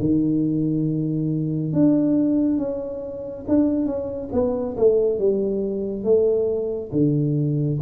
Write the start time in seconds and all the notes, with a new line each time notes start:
0.00 D#3
1.73 D4
2.58 C#4
3.48 D4
3.86 C#4
4.33 B3
4.77 A3
5.19 G3
6.04 A3
6.92 D3